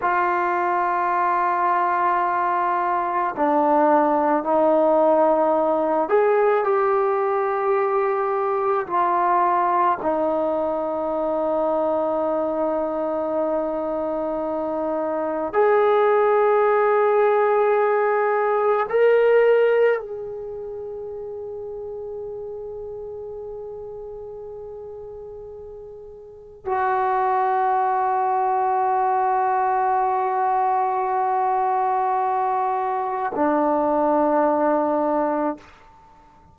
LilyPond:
\new Staff \with { instrumentName = "trombone" } { \time 4/4 \tempo 4 = 54 f'2. d'4 | dis'4. gis'8 g'2 | f'4 dis'2.~ | dis'2 gis'2~ |
gis'4 ais'4 gis'2~ | gis'1 | fis'1~ | fis'2 d'2 | }